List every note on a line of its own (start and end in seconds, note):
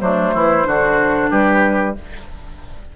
0.00 0.34 F#3
0.00 0.64 A3
0.00 0.34 D4
0.00 1.31 C5
0.34 0.66 E3
0.34 0.67 E4
0.64 1.31 D3
0.64 1.94 D4
0.64 1.30 F#4
1.30 1.96 G3
1.30 1.95 G4
1.30 1.96 B4